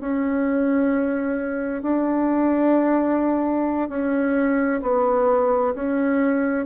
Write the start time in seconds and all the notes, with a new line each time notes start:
0.00 C#4
1.82 D4
3.89 C#4
4.81 B3
5.74 C#4